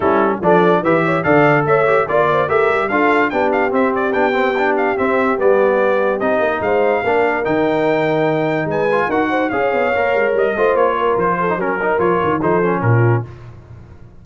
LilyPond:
<<
  \new Staff \with { instrumentName = "trumpet" } { \time 4/4 \tempo 4 = 145 a'4 d''4 e''4 f''4 | e''4 d''4 e''4 f''4 | g''8 f''8 e''8 d''8 g''4. f''8 | e''4 d''2 dis''4 |
f''2 g''2~ | g''4 gis''4 fis''4 f''4~ | f''4 dis''4 cis''4 c''4 | ais'4 cis''4 c''4 ais'4 | }
  \new Staff \with { instrumentName = "horn" } { \time 4/4 e'4 a'4 b'8 cis''8 d''4 | cis''4 d''8 c''8 ais'4 a'4 | g'1~ | g'1 |
c''4 ais'2.~ | ais'4 b'4 ais'8 c''8 cis''4~ | cis''4. c''4 ais'4 a'8 | ais'2 a'4 f'4 | }
  \new Staff \with { instrumentName = "trombone" } { \time 4/4 cis'4 d'4 g'4 a'4~ | a'8 g'8 f'4 g'4 f'4 | d'4 c'4 d'8 c'8 d'4 | c'4 b2 dis'4~ |
dis'4 d'4 dis'2~ | dis'4. f'8 fis'4 gis'4 | ais'4. f'2~ f'16 dis'16 | cis'8 dis'8 f'4 dis'8 cis'4. | }
  \new Staff \with { instrumentName = "tuba" } { \time 4/4 g4 f4 e4 d4 | a4 ais4 a8 g8 d'4 | b4 c'4 b2 | c'4 g2 c'8 ais8 |
gis4 ais4 dis2~ | dis4 gis4 dis'4 cis'8 b8 | ais8 gis8 g8 a8 ais4 f4 | fis4 f8 dis8 f4 ais,4 | }
>>